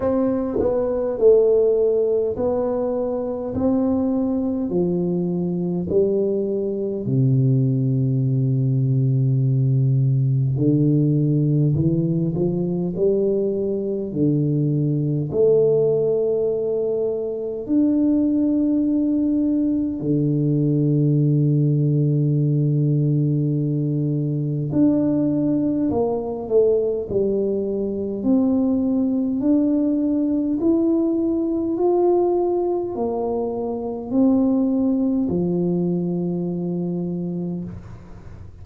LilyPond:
\new Staff \with { instrumentName = "tuba" } { \time 4/4 \tempo 4 = 51 c'8 b8 a4 b4 c'4 | f4 g4 c2~ | c4 d4 e8 f8 g4 | d4 a2 d'4~ |
d'4 d2.~ | d4 d'4 ais8 a8 g4 | c'4 d'4 e'4 f'4 | ais4 c'4 f2 | }